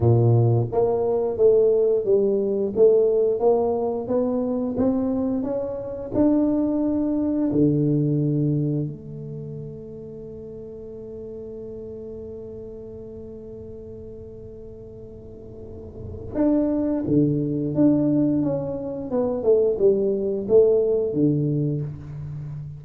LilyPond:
\new Staff \with { instrumentName = "tuba" } { \time 4/4 \tempo 4 = 88 ais,4 ais4 a4 g4 | a4 ais4 b4 c'4 | cis'4 d'2 d4~ | d4 a2.~ |
a1~ | a1 | d'4 d4 d'4 cis'4 | b8 a8 g4 a4 d4 | }